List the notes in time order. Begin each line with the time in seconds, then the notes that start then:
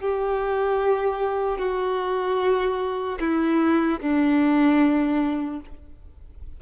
0.00 G4
1.58 F#4
3.20 E4
4.00 D4